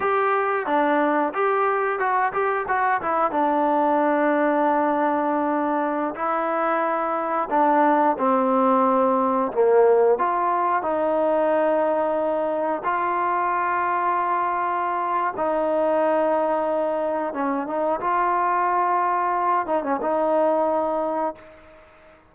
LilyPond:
\new Staff \with { instrumentName = "trombone" } { \time 4/4 \tempo 4 = 90 g'4 d'4 g'4 fis'8 g'8 | fis'8 e'8 d'2.~ | d'4~ d'16 e'2 d'8.~ | d'16 c'2 ais4 f'8.~ |
f'16 dis'2. f'8.~ | f'2. dis'4~ | dis'2 cis'8 dis'8 f'4~ | f'4. dis'16 cis'16 dis'2 | }